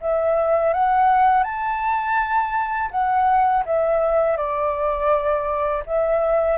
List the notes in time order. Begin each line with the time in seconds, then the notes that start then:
0.00 E5
0.73 F#5
1.43 A5
2.90 F#5
3.65 E5
4.37 D5
5.86 E5